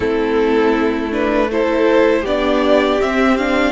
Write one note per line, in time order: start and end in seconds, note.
0.00 2.24 A3
0.00 1.11 C4
0.00 1.49 E4
0.00 1.12 A4
1.11 1.48 D4
1.11 1.50 B4
1.51 2.26 E4
1.51 2.21 A4
1.51 2.26 C5
2.21 2.99 B3
2.21 3.01 D4
2.21 3.71 G4
2.21 3.01 D5
3.01 3.38 C4
3.01 3.72 C4
3.01 3.36 E5
3.36 3.72 D4
3.36 3.72 F5